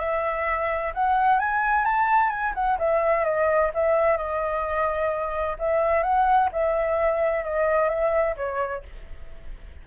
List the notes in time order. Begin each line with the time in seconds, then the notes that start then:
0.00 E5
0.95 F#5
1.40 G#5
1.85 A5
2.30 G#5
2.55 F#5
2.79 E5
3.25 D#5
3.74 E5
4.17 D#5
5.59 E5
6.03 F#5
6.53 E5
7.45 D#5
7.89 E5
8.37 C#5